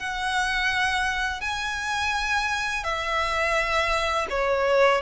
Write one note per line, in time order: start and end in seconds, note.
0.00 1.42 F#5
1.42 2.84 G#5
2.84 4.27 E5
4.31 5.02 C#5